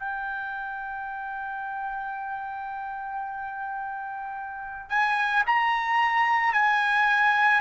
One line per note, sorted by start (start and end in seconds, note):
0.00 4.89 G5
4.89 5.44 G#5
5.47 6.53 A#5
6.53 7.61 G#5